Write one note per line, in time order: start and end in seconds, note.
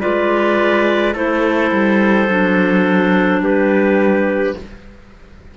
0.00 1.14 G#3
0.00 1.13 F4
0.00 1.13 B4
0.00 1.14 D5
1.13 1.71 A3
1.13 2.27 E4
1.13 3.40 A4
1.13 3.42 C5
1.71 2.28 G3
2.28 3.40 F#3
2.28 4.56 D4
3.40 4.53 G3
3.40 4.57 G4
3.40 4.56 B4